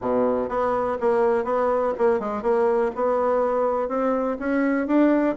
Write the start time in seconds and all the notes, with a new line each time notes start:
0.01 B2
0.49 B3
1.00 A#3
1.44 B3
1.98 A#3
2.19 G#3
2.42 A#3
2.95 B3
3.88 C4
4.39 C#4
4.87 D4